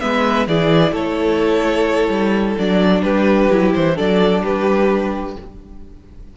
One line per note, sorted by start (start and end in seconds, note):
0.00 0.48 G#3
0.00 0.47 B3
0.00 0.49 B4
0.00 0.47 E5
0.48 0.92 E3
0.48 2.59 E4
0.48 0.93 G#4
0.48 0.95 D5
0.92 2.09 A3
0.92 3.02 A4
0.92 2.58 C#5
2.09 2.56 G3
2.59 3.03 F#3
2.59 3.51 D4
2.59 3.03 D5
3.03 3.50 G3
3.03 3.96 G4
3.03 3.73 B4
3.51 3.75 F#3
3.51 3.97 E4
3.75 3.99 E3
3.75 3.98 C5
3.96 4.44 F#3
3.96 5.36 D4
3.96 4.42 A4
3.96 4.44 D5
4.44 5.37 G3
4.44 5.37 G4
4.44 5.37 B4